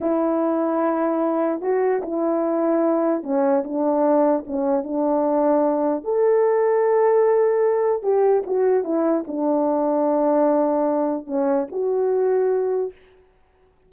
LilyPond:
\new Staff \with { instrumentName = "horn" } { \time 4/4 \tempo 4 = 149 e'1 | fis'4 e'2. | cis'4 d'2 cis'4 | d'2. a'4~ |
a'1 | g'4 fis'4 e'4 d'4~ | d'1 | cis'4 fis'2. | }